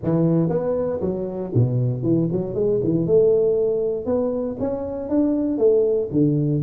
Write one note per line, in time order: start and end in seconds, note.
0.03 0.49 E3
0.49 1.00 B3
1.01 1.51 F#3
1.54 2.02 B2
2.02 2.28 E3
2.32 2.54 F#3
2.54 2.80 G#3
2.83 3.06 E3
3.06 4.05 A3
4.05 4.56 B3
4.59 5.09 C#4
5.09 5.57 D4
5.57 6.08 A3
6.11 6.62 D3